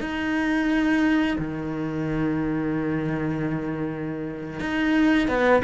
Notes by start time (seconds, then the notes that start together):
0.00 D#4
1.38 D#3
4.60 D#4
5.28 B3